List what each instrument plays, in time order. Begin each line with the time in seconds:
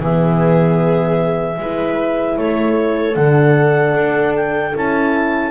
0.00 double bass E3, horn B3, viola G#4, clarinet E5
1.58 double bass G#3, horn E4, viola B4
2.38 double bass A3, viola A4, clarinet C#5
3.15 double bass D3, horn D4, clarinet F#5
3.94 double bass D4
4.36 clarinet G5
4.74 double bass C#4, horn E4, clarinet A5